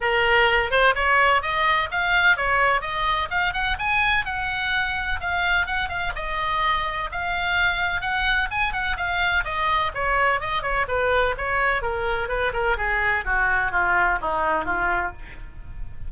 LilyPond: \new Staff \with { instrumentName = "oboe" } { \time 4/4 \tempo 4 = 127 ais'4. c''8 cis''4 dis''4 | f''4 cis''4 dis''4 f''8 fis''8 | gis''4 fis''2 f''4 | fis''8 f''8 dis''2 f''4~ |
f''4 fis''4 gis''8 fis''8 f''4 | dis''4 cis''4 dis''8 cis''8 b'4 | cis''4 ais'4 b'8 ais'8 gis'4 | fis'4 f'4 dis'4 f'4 | }